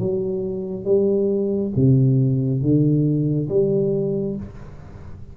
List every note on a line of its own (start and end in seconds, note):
0.00 0.85 F#3
0.85 1.72 G3
1.76 2.62 C3
2.62 3.49 D3
3.49 4.36 G3